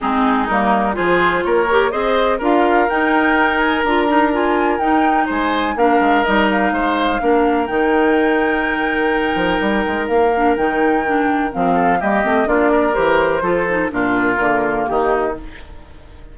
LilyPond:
<<
  \new Staff \with { instrumentName = "flute" } { \time 4/4 \tempo 4 = 125 gis'4 ais'4 c''4 cis''4 | dis''4 f''4 g''4. gis''8 | ais''4 gis''4 g''4 gis''4 | f''4 dis''8 f''2~ f''8 |
g''1~ | g''4 f''4 g''2 | f''4 dis''4 d''4 c''4~ | c''4 ais'2 g'4 | }
  \new Staff \with { instrumentName = "oboe" } { \time 4/4 dis'2 gis'4 ais'4 | c''4 ais'2.~ | ais'2. c''4 | ais'2 c''4 ais'4~ |
ais'1~ | ais'1~ | ais'8 a'8 g'4 f'8 ais'4. | a'4 f'2 dis'4 | }
  \new Staff \with { instrumentName = "clarinet" } { \time 4/4 c'4 ais4 f'4. g'8 | gis'4 f'4 dis'2 | f'8 dis'8 f'4 dis'2 | d'4 dis'2 d'4 |
dis'1~ | dis'4. d'8 dis'4 d'4 | c'4 ais8 c'8 d'4 g'4 | f'8 dis'8 d'4 ais2 | }
  \new Staff \with { instrumentName = "bassoon" } { \time 4/4 gis4 g4 f4 ais4 | c'4 d'4 dis'2 | d'2 dis'4 gis4 | ais8 gis8 g4 gis4 ais4 |
dis2.~ dis8 f8 | g8 gis8 ais4 dis2 | f4 g8 a8 ais4 e4 | f4 ais,4 d4 dis4 | }
>>